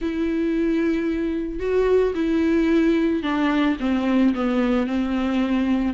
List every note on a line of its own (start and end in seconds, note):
0.01 1.59 E4
1.59 2.13 F#4
2.14 3.22 E4
3.22 3.76 D4
3.80 4.34 C4
4.34 4.86 B3
4.86 5.94 C4